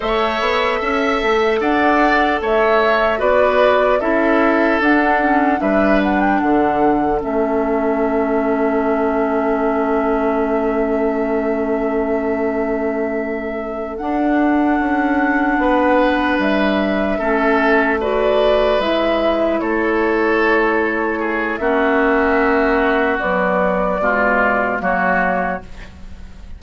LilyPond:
<<
  \new Staff \with { instrumentName = "flute" } { \time 4/4 \tempo 4 = 75 e''2 fis''4 e''4 | d''4 e''4 fis''4 e''8 fis''16 g''16 | fis''4 e''2.~ | e''1~ |
e''4. fis''2~ fis''8~ | fis''8 e''2 d''4 e''8~ | e''8 cis''2~ cis''8 e''4~ | e''4 d''2 cis''4 | }
  \new Staff \with { instrumentName = "oboe" } { \time 4/4 cis''4 e''4 d''4 cis''4 | b'4 a'2 b'4 | a'1~ | a'1~ |
a'2.~ a'8 b'8~ | b'4. a'4 b'4.~ | b'8 a'2 gis'8 fis'4~ | fis'2 f'4 fis'4 | }
  \new Staff \with { instrumentName = "clarinet" } { \time 4/4 a'1 | fis'4 e'4 d'8 cis'8 d'4~ | d'4 cis'2.~ | cis'1~ |
cis'4. d'2~ d'8~ | d'4. cis'4 fis'4 e'8~ | e'2. cis'4~ | cis'4 fis4 gis4 ais4 | }
  \new Staff \with { instrumentName = "bassoon" } { \time 4/4 a8 b8 cis'8 a8 d'4 a4 | b4 cis'4 d'4 g4 | d4 a2.~ | a1~ |
a4. d'4 cis'4 b8~ | b8 g4 a2 gis8~ | gis8 a2~ a8 ais4~ | ais4 b4 b,4 fis4 | }
>>